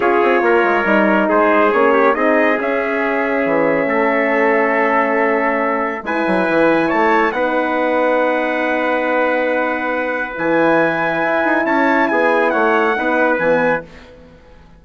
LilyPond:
<<
  \new Staff \with { instrumentName = "trumpet" } { \time 4/4 \tempo 4 = 139 cis''2. c''4 | cis''4 dis''4 e''2~ | e''1~ | e''2 gis''2 |
a''4 fis''2.~ | fis''1 | gis''2. a''4 | gis''4 fis''2 gis''4 | }
  \new Staff \with { instrumentName = "trumpet" } { \time 4/4 gis'4 ais'2 gis'4~ | gis'8 g'8 gis'2.~ | gis'4 a'2.~ | a'2 b'2 |
cis''4 b'2.~ | b'1~ | b'2. cis''4 | gis'4 cis''4 b'2 | }
  \new Staff \with { instrumentName = "horn" } { \time 4/4 f'2 dis'2 | cis'4 dis'4 cis'2~ | cis'1~ | cis'2 e'2~ |
e'4 dis'2.~ | dis'1 | e'1~ | e'2 dis'4 b4 | }
  \new Staff \with { instrumentName = "bassoon" } { \time 4/4 cis'8 c'8 ais8 gis8 g4 gis4 | ais4 c'4 cis'2 | e4 a2.~ | a2 gis8 fis8 e4 |
a4 b2.~ | b1 | e2 e'8 dis'8 cis'4 | b4 a4 b4 e4 | }
>>